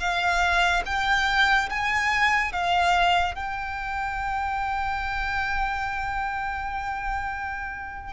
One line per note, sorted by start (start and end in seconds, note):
0.00 0.83 F5
0.86 1.69 G5
1.70 2.53 G#5
2.53 3.35 F5
3.35 8.14 G5